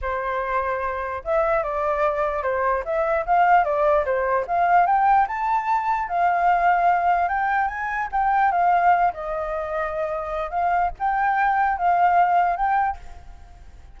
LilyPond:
\new Staff \with { instrumentName = "flute" } { \time 4/4 \tempo 4 = 148 c''2. e''4 | d''2 c''4 e''4 | f''4 d''4 c''4 f''4 | g''4 a''2 f''4~ |
f''2 g''4 gis''4 | g''4 f''4. dis''4.~ | dis''2 f''4 g''4~ | g''4 f''2 g''4 | }